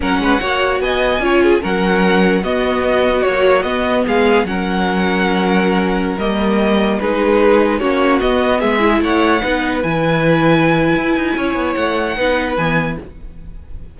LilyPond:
<<
  \new Staff \with { instrumentName = "violin" } { \time 4/4 \tempo 4 = 148 fis''2 gis''2 | fis''2 dis''2 | cis''4 dis''4 f''4 fis''4~ | fis''2.~ fis''16 dis''8.~ |
dis''4~ dis''16 b'2 cis''8.~ | cis''16 dis''4 e''4 fis''4.~ fis''16~ | fis''16 gis''2.~ gis''8.~ | gis''4 fis''2 gis''4 | }
  \new Staff \with { instrumentName = "violin" } { \time 4/4 ais'8 b'8 cis''4 dis''4 cis''8 gis'8 | ais'2 fis'2~ | fis'2 gis'4 ais'4~ | ais'1~ |
ais'4~ ais'16 gis'2 fis'8.~ | fis'4~ fis'16 gis'4 cis''4 b'8.~ | b'1 | cis''2 b'2 | }
  \new Staff \with { instrumentName = "viola" } { \time 4/4 cis'4 fis'2 f'4 | cis'2 b2 | fis4 b2 cis'4~ | cis'2.~ cis'16 ais8.~ |
ais4~ ais16 dis'2 cis'8.~ | cis'16 b4. e'4. dis'8.~ | dis'16 e'2.~ e'8.~ | e'2 dis'4 b4 | }
  \new Staff \with { instrumentName = "cello" } { \time 4/4 fis8 gis8 ais4 b4 cis'4 | fis2 b2 | ais4 b4 gis4 fis4~ | fis2.~ fis16 g8.~ |
g4~ g16 gis2 ais8.~ | ais16 b4 gis4 a4 b8.~ | b16 e2~ e8. e'8 dis'8 | cis'8 b8 a4 b4 e4 | }
>>